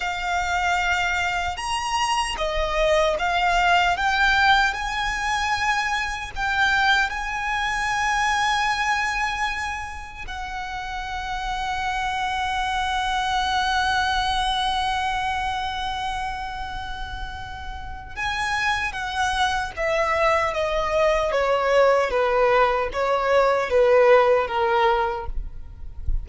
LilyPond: \new Staff \with { instrumentName = "violin" } { \time 4/4 \tempo 4 = 76 f''2 ais''4 dis''4 | f''4 g''4 gis''2 | g''4 gis''2.~ | gis''4 fis''2.~ |
fis''1~ | fis''2. gis''4 | fis''4 e''4 dis''4 cis''4 | b'4 cis''4 b'4 ais'4 | }